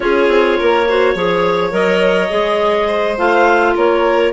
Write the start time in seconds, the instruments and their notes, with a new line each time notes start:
0.00 bassoon C#4, clarinet F4 C#5, violin G#4
0.28 bassoon C4
0.58 bassoon A#3, violin A#4
0.88 clarinet F#4, violin C5
1.14 bassoon F3, clarinet G#4, violin C#5
1.71 bassoon F#3, clarinet A#4 D#5
2.29 bassoon G#3, clarinet G#4
2.87 violin C5
3.17 bassoon A3, clarinet F4 F5
3.75 bassoon A#3, violin A#4, clarinet C#5